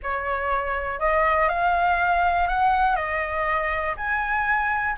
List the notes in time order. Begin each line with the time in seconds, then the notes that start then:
0.02 C#5
0.99 D#5
1.48 F5
2.47 F#5
2.96 D#5
3.96 G#5